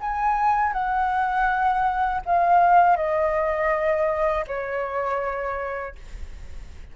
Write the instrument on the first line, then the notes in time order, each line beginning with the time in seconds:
flute
0.00 G#5
0.73 F#5
2.25 F5
2.96 D#5
4.47 C#5